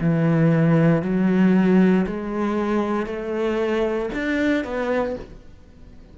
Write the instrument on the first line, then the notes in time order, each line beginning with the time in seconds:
cello
0.00 E3
1.02 F#3
2.06 G#3
3.06 A3
4.13 D4
4.64 B3